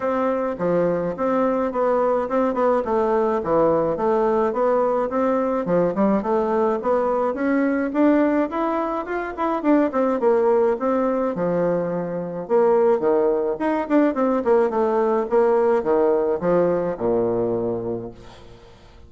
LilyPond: \new Staff \with { instrumentName = "bassoon" } { \time 4/4 \tempo 4 = 106 c'4 f4 c'4 b4 | c'8 b8 a4 e4 a4 | b4 c'4 f8 g8 a4 | b4 cis'4 d'4 e'4 |
f'8 e'8 d'8 c'8 ais4 c'4 | f2 ais4 dis4 | dis'8 d'8 c'8 ais8 a4 ais4 | dis4 f4 ais,2 | }